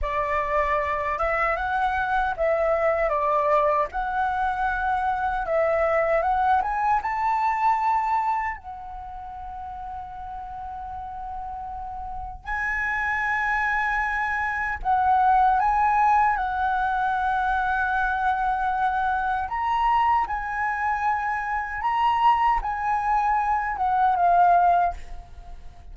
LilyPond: \new Staff \with { instrumentName = "flute" } { \time 4/4 \tempo 4 = 77 d''4. e''8 fis''4 e''4 | d''4 fis''2 e''4 | fis''8 gis''8 a''2 fis''4~ | fis''1 |
gis''2. fis''4 | gis''4 fis''2.~ | fis''4 ais''4 gis''2 | ais''4 gis''4. fis''8 f''4 | }